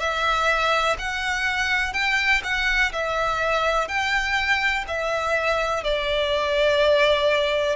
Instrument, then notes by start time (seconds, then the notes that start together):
violin
0.00 E5
0.99 F#5
1.94 G5
2.44 F#5
2.93 E5
3.89 G5
4.88 E5
5.84 D5